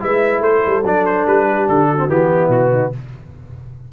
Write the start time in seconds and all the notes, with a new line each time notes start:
0.00 G#3 E4 B4 E5
0.40 A3 A4 C5
0.66 G3
0.84 F#3 D4 D5
1.06 C5
1.26 G3 B4
1.48 G4
1.68 D3 A4
1.90 F#4
1.97 C4
2.08 E3 B3 G4
2.29 E4
2.48 B2 F#4
2.71 D#4